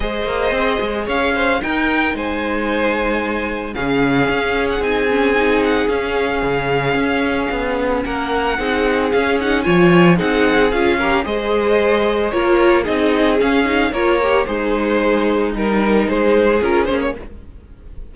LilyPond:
<<
  \new Staff \with { instrumentName = "violin" } { \time 4/4 \tempo 4 = 112 dis''2 f''4 g''4 | gis''2. f''4~ | f''8. fis''16 gis''4. fis''8 f''4~ | f''2. fis''4~ |
fis''4 f''8 fis''8 gis''4 fis''4 | f''4 dis''2 cis''4 | dis''4 f''4 cis''4 c''4~ | c''4 ais'4 c''4 ais'8 c''16 cis''16 | }
  \new Staff \with { instrumentName = "violin" } { \time 4/4 c''2 cis''8 c''8 ais'4 | c''2. gis'4~ | gis'1~ | gis'2. ais'4 |
gis'2 cis''4 gis'4~ | gis'8 ais'8 c''2 ais'4 | gis'2 ais'4 dis'4~ | dis'2 gis'2 | }
  \new Staff \with { instrumentName = "viola" } { \time 4/4 gis'2. dis'4~ | dis'2. cis'4~ | cis'4 dis'8 cis'8 dis'4 cis'4~ | cis'1 |
dis'4 cis'8 dis'8 f'4 dis'4 | f'8 g'8 gis'2 f'4 | dis'4 cis'8 dis'8 f'8 g'8 gis'4~ | gis'4 dis'2 f'8 cis'8 | }
  \new Staff \with { instrumentName = "cello" } { \time 4/4 gis8 ais8 c'8 gis8 cis'4 dis'4 | gis2. cis4 | cis'4 c'2 cis'4 | cis4 cis'4 b4 ais4 |
c'4 cis'4 f4 c'4 | cis'4 gis2 ais4 | c'4 cis'4 ais4 gis4~ | gis4 g4 gis4 cis'8 ais8 | }
>>